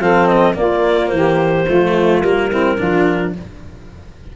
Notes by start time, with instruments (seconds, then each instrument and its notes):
0.00 tuba F3, cello C4, saxophone A4, clarinet F5
0.26 clarinet D#5
0.54 cello A#3, tuba A#3, saxophone F4, clarinet D5
1.08 tuba E3, saxophone G4, clarinet C5
1.68 tuba F3, cello A3, saxophone F4
2.22 tuba G3, cello A#3, clarinet A#4
2.50 cello C4, saxophone E4
2.78 tuba F3, cello D4, saxophone F4